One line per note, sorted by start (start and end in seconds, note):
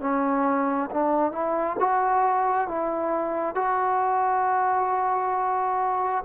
0.00 0.90 C#4
0.91 1.32 D4
1.32 1.77 E4
1.79 2.67 F#4
2.67 3.55 E4
3.55 6.24 F#4